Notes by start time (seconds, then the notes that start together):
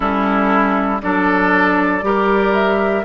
0.00 G3 C#4 E4 A4
1.01 F#3 D4 A4 D5
2.02 G3 G4 A#4
2.53 E5